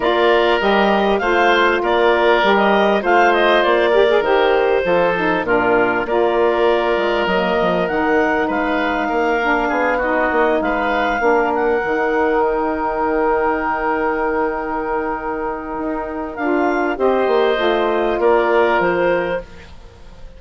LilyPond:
<<
  \new Staff \with { instrumentName = "clarinet" } { \time 4/4 \tempo 4 = 99 d''4 dis''4 f''4 d''4~ | d''16 dis''8. f''8 dis''8 d''4 c''4~ | c''4 ais'4 d''2 | dis''4 fis''4 f''2~ |
f''8 dis''4 f''4. fis''4~ | fis''8 g''2.~ g''8~ | g''2. f''4 | dis''2 d''4 c''4 | }
  \new Staff \with { instrumentName = "oboe" } { \time 4/4 ais'2 c''4 ais'4~ | ais'4 c''4. ais'4. | a'4 f'4 ais'2~ | ais'2 b'4 ais'4 |
gis'8 fis'4 b'4 ais'4.~ | ais'1~ | ais'1 | c''2 ais'2 | }
  \new Staff \with { instrumentName = "saxophone" } { \time 4/4 f'4 g'4 f'2 | g'4 f'4. g'16 gis'16 g'4 | f'8 dis'8 d'4 f'2 | ais4 dis'2~ dis'8 d'8~ |
d'8 dis'2 d'4 dis'8~ | dis'1~ | dis'2. f'4 | g'4 f'2. | }
  \new Staff \with { instrumentName = "bassoon" } { \time 4/4 ais4 g4 a4 ais4 | g4 a4 ais4 dis4 | f4 ais,4 ais4. gis8 | fis8 f8 dis4 gis4 ais4 |
b4 ais8 gis4 ais4 dis8~ | dis1~ | dis2 dis'4 d'4 | c'8 ais8 a4 ais4 f4 | }
>>